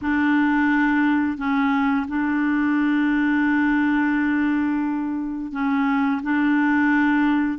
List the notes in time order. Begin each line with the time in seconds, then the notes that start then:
0.01 D4
1.37 C#4
2.08 D4
5.52 C#4
6.22 D4